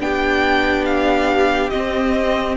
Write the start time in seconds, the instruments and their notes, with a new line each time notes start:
0.00 cello B3, viola D4, violin G4 G5
0.85 violin F5
1.69 viola C4, cello C4, violin D#5